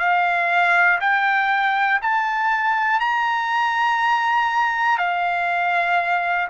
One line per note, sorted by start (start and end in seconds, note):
0.00 1.00 F5
1.01 2.01 G5
2.02 3.00 A5
3.00 4.98 A#5
4.98 6.48 F5